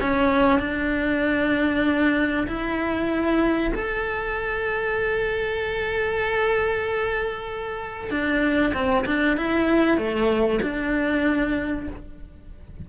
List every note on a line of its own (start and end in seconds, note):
0.00 0.59 C#4
0.59 2.47 D4
2.47 3.72 E4
3.74 8.10 A4
8.10 8.72 D4
8.74 9.05 C4
9.06 9.36 D4
9.36 9.97 E4
9.97 10.60 A3
10.62 11.87 D4